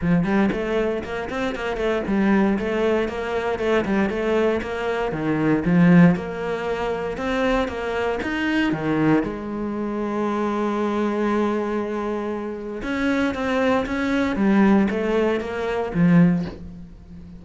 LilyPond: \new Staff \with { instrumentName = "cello" } { \time 4/4 \tempo 4 = 117 f8 g8 a4 ais8 c'8 ais8 a8 | g4 a4 ais4 a8 g8 | a4 ais4 dis4 f4 | ais2 c'4 ais4 |
dis'4 dis4 gis2~ | gis1~ | gis4 cis'4 c'4 cis'4 | g4 a4 ais4 f4 | }